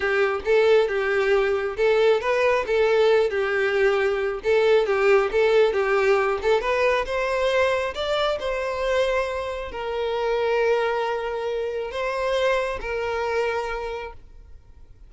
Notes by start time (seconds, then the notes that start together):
0.00 G4
0.44 A4
0.88 G4
1.76 A4
2.21 B4
2.67 A4
3.29 G4
4.43 A4
4.86 G4
5.31 A4
5.72 G4
6.42 A4
6.61 B4
7.05 C5
7.94 D5
8.39 C5
9.71 A#4
11.91 C5
12.81 A#4